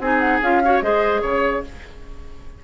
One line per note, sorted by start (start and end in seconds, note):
0.00 0.41 C4
0.00 0.43 D#4
0.00 0.63 G#4
0.00 0.19 G#5
0.19 0.39 F#5
0.42 0.81 C#4
0.42 0.63 F4
0.42 0.82 F5
0.64 0.83 F#4
0.64 0.84 C#5
0.81 1.22 G#3
0.81 1.64 G#4
0.81 1.22 C5
0.81 1.22 D#5
1.22 1.64 C#3
1.22 1.62 C#5
1.22 1.63 C#5